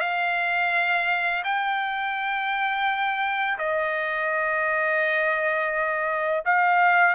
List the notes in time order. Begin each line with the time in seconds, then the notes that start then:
0.00 F5
1.44 G5
3.58 D#5
6.45 F5